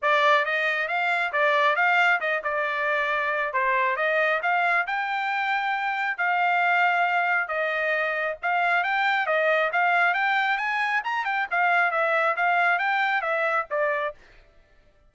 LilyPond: \new Staff \with { instrumentName = "trumpet" } { \time 4/4 \tempo 4 = 136 d''4 dis''4 f''4 d''4 | f''4 dis''8 d''2~ d''8 | c''4 dis''4 f''4 g''4~ | g''2 f''2~ |
f''4 dis''2 f''4 | g''4 dis''4 f''4 g''4 | gis''4 ais''8 g''8 f''4 e''4 | f''4 g''4 e''4 d''4 | }